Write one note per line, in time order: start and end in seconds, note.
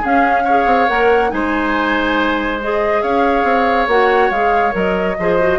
0.00 0.45 C#4
0.00 0.66 C#4
0.00 0.43 G#4
0.00 0.88 F5
0.44 0.88 G#4
0.44 1.30 C#5
0.66 0.87 C4
0.88 1.32 A#3
0.88 1.29 A#4
0.88 1.31 F#5
1.29 3.03 G#3
1.29 2.58 D#4
1.29 3.02 C5
1.29 2.59 G#5
2.61 3.89 G#4
2.61 3.02 D#5
3.02 3.43 C#4
3.02 5.17 C#5
3.02 3.87 F5
3.43 3.86 C4
3.87 4.30 A#3
3.87 4.32 F#4
3.87 4.30 F#5
4.30 4.73 G#3
4.30 4.71 G#4
4.30 4.73 F5
4.71 5.17 F#3
4.71 5.14 A#4
4.71 5.58 D#5
5.19 5.58 F3
5.19 5.39 G#4
5.19 5.58 C5
5.39 5.58 F#4